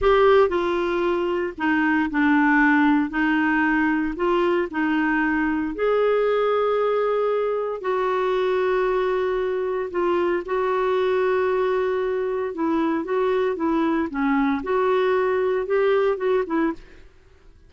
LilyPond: \new Staff \with { instrumentName = "clarinet" } { \time 4/4 \tempo 4 = 115 g'4 f'2 dis'4 | d'2 dis'2 | f'4 dis'2 gis'4~ | gis'2. fis'4~ |
fis'2. f'4 | fis'1 | e'4 fis'4 e'4 cis'4 | fis'2 g'4 fis'8 e'8 | }